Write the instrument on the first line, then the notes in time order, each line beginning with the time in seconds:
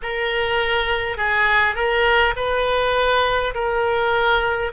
oboe
0.02 A#4
1.17 G#4
1.75 A#4
2.36 B4
3.54 A#4